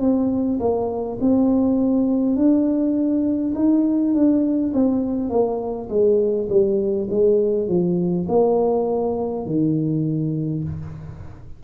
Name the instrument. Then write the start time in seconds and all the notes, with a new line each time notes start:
tuba
0.00 C4
0.60 A#3
1.21 C4
2.36 D4
3.56 D#4
4.14 D4
4.74 C4
5.30 A#3
5.90 G#3
6.50 G3
7.10 G#3
7.68 F3
8.29 A#3
9.47 D#3